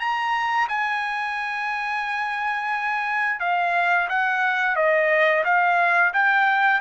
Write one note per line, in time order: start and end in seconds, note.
0.00 0.68 A#5
0.69 3.40 G#5
3.40 4.08 F5
4.09 4.76 F#5
4.76 5.44 D#5
5.45 6.13 F5
6.14 6.81 G5